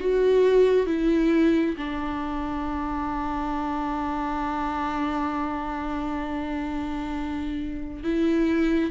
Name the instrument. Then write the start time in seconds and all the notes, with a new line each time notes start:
viola
0.00 F#4
0.86 E4
1.77 D4
8.04 E4